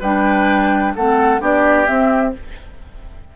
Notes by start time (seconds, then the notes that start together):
0.00 G3 D4 B4 G5
0.95 A3 C4 A4 F#5
1.40 B3 D4 G4 D5
1.86 C4 E5